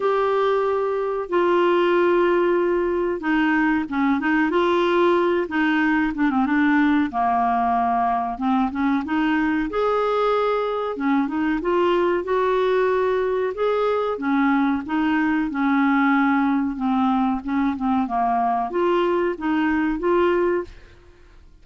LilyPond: \new Staff \with { instrumentName = "clarinet" } { \time 4/4 \tempo 4 = 93 g'2 f'2~ | f'4 dis'4 cis'8 dis'8 f'4~ | f'8 dis'4 d'16 c'16 d'4 ais4~ | ais4 c'8 cis'8 dis'4 gis'4~ |
gis'4 cis'8 dis'8 f'4 fis'4~ | fis'4 gis'4 cis'4 dis'4 | cis'2 c'4 cis'8 c'8 | ais4 f'4 dis'4 f'4 | }